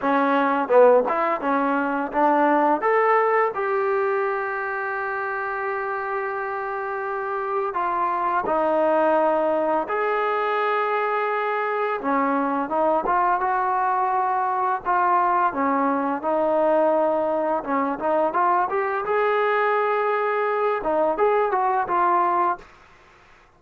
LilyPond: \new Staff \with { instrumentName = "trombone" } { \time 4/4 \tempo 4 = 85 cis'4 b8 e'8 cis'4 d'4 | a'4 g'2.~ | g'2. f'4 | dis'2 gis'2~ |
gis'4 cis'4 dis'8 f'8 fis'4~ | fis'4 f'4 cis'4 dis'4~ | dis'4 cis'8 dis'8 f'8 g'8 gis'4~ | gis'4. dis'8 gis'8 fis'8 f'4 | }